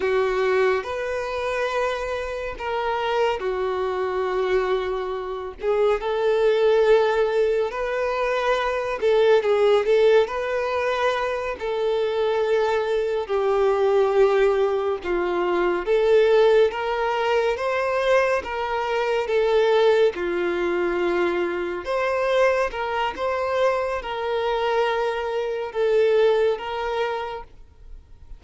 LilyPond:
\new Staff \with { instrumentName = "violin" } { \time 4/4 \tempo 4 = 70 fis'4 b'2 ais'4 | fis'2~ fis'8 gis'8 a'4~ | a'4 b'4. a'8 gis'8 a'8 | b'4. a'2 g'8~ |
g'4. f'4 a'4 ais'8~ | ais'8 c''4 ais'4 a'4 f'8~ | f'4. c''4 ais'8 c''4 | ais'2 a'4 ais'4 | }